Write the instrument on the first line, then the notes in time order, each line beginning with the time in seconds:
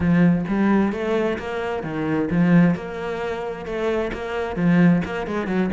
cello
0.00 F3
0.47 G3
0.92 A3
1.38 A#3
1.83 D#3
2.30 F3
2.75 A#3
3.65 A3
4.13 A#3
4.56 F3
5.04 A#3
5.26 G#3
5.46 F#3